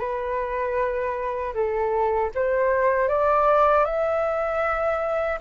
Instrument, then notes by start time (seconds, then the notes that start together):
flute
0.00 B4
1.55 A4
2.35 C5
3.09 D5
3.85 E5